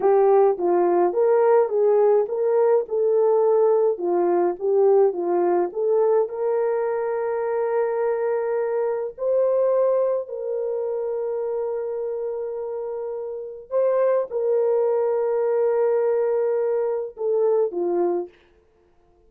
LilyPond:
\new Staff \with { instrumentName = "horn" } { \time 4/4 \tempo 4 = 105 g'4 f'4 ais'4 gis'4 | ais'4 a'2 f'4 | g'4 f'4 a'4 ais'4~ | ais'1 |
c''2 ais'2~ | ais'1 | c''4 ais'2.~ | ais'2 a'4 f'4 | }